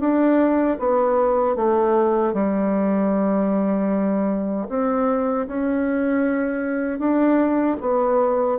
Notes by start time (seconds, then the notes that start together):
0.00 D4
0.79 B3
1.56 A3
2.34 G3
4.69 C4
5.47 C#4
6.99 D4
7.81 B3